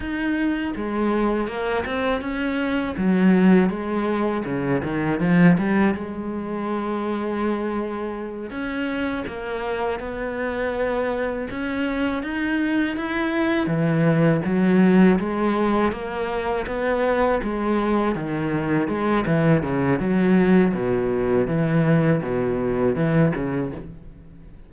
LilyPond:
\new Staff \with { instrumentName = "cello" } { \time 4/4 \tempo 4 = 81 dis'4 gis4 ais8 c'8 cis'4 | fis4 gis4 cis8 dis8 f8 g8 | gis2.~ gis8 cis'8~ | cis'8 ais4 b2 cis'8~ |
cis'8 dis'4 e'4 e4 fis8~ | fis8 gis4 ais4 b4 gis8~ | gis8 dis4 gis8 e8 cis8 fis4 | b,4 e4 b,4 e8 cis8 | }